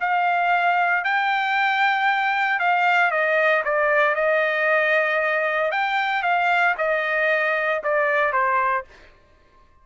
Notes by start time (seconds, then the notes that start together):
0.00 F5
1.04 G5
2.59 F5
3.11 D#5
3.64 D5
4.15 D#5
5.71 G5
6.22 F5
6.77 D#5
7.83 D5
8.32 C5